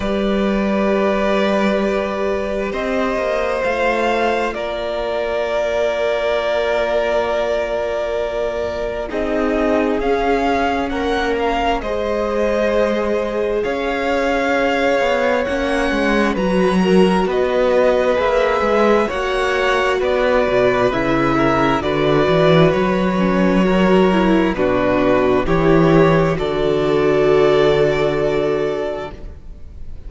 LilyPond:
<<
  \new Staff \with { instrumentName = "violin" } { \time 4/4 \tempo 4 = 66 d''2. dis''4 | f''4 d''2.~ | d''2 dis''4 f''4 | fis''8 f''8 dis''2 f''4~ |
f''4 fis''4 ais''4 dis''4 | e''4 fis''4 d''4 e''4 | d''4 cis''2 b'4 | cis''4 d''2. | }
  \new Staff \with { instrumentName = "violin" } { \time 4/4 b'2. c''4~ | c''4 ais'2.~ | ais'2 gis'2 | ais'4 c''2 cis''4~ |
cis''2 b'8 ais'8 b'4~ | b'4 cis''4 b'4. ais'8 | b'2 ais'4 fis'4 | g'4 a'2. | }
  \new Staff \with { instrumentName = "viola" } { \time 4/4 g'1 | f'1~ | f'2 dis'4 cis'4~ | cis'4 gis'2.~ |
gis'4 cis'4 fis'2 | gis'4 fis'2 e'4 | fis'4. cis'8 fis'8 e'8 d'4 | e'4 fis'2. | }
  \new Staff \with { instrumentName = "cello" } { \time 4/4 g2. c'8 ais8 | a4 ais2.~ | ais2 c'4 cis'4 | ais4 gis2 cis'4~ |
cis'8 b8 ais8 gis8 fis4 b4 | ais8 gis8 ais4 b8 b,8 cis4 | d8 e8 fis2 b,4 | e4 d2. | }
>>